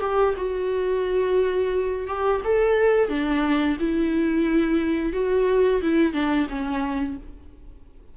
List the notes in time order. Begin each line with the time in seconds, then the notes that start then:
0.00 G4
0.37 F#4
2.07 G4
2.44 A4
3.09 D4
3.79 E4
5.13 F#4
5.82 E4
6.13 D4
6.49 C#4